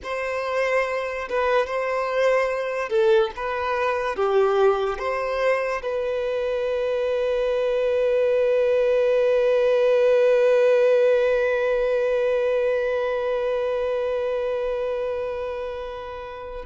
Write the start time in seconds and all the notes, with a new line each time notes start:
0.03 C5
1.29 B4
1.66 C5
2.89 A4
3.36 B4
4.16 G4
4.98 C5
5.82 B4